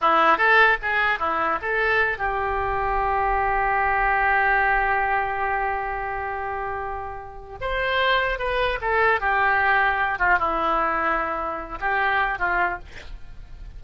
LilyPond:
\new Staff \with { instrumentName = "oboe" } { \time 4/4 \tempo 4 = 150 e'4 a'4 gis'4 e'4 | a'4. g'2~ g'8~ | g'1~ | g'1~ |
g'2. c''4~ | c''4 b'4 a'4 g'4~ | g'4. f'8 e'2~ | e'4. g'4. f'4 | }